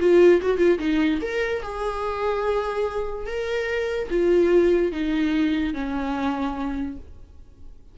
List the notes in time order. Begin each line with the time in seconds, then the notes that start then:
0.00 F4
0.42 F#4
0.58 F4
0.79 D#4
1.21 A#4
1.63 G#4
3.27 A#4
4.10 F4
4.92 D#4
5.74 C#4